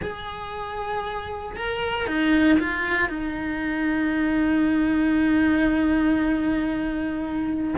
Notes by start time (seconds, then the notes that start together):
0.02 G#4
1.56 A#4
2.06 D#4
2.59 F4
3.08 D#4